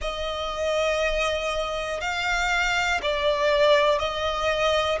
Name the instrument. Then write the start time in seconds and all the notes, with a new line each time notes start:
violin
0.00 D#5
2.00 F5
3.02 D5
3.98 D#5